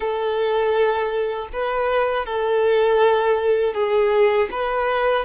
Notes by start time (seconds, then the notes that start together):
0.00 A4
1.52 B4
2.25 A4
3.74 G#4
4.51 B4